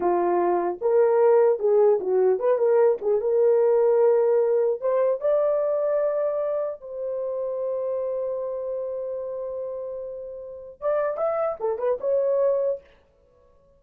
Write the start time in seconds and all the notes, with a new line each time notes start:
0.00 F4
0.81 A#4
1.59 G#4
1.99 F#4
2.39 B4
2.58 A#4
3.01 G#4
3.20 A#4
4.80 C5
5.21 D5
6.81 C5
10.80 D5
11.17 E5
11.59 A4
11.78 B4
12.00 C#5